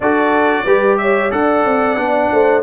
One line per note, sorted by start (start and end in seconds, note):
0.00 0.64 D4
0.00 0.66 F#4
0.00 0.64 A4
0.00 0.97 D5
0.64 1.31 G3
0.64 1.31 G4
0.64 0.97 B4
0.97 1.32 C#5
0.97 1.30 E5
1.31 1.64 D4
1.31 1.97 A4
1.31 2.31 D5
1.31 2.63 F#5
1.64 1.96 C4
1.96 2.29 B3
1.96 2.63 D4
2.32 2.63 A3
2.32 2.63 C5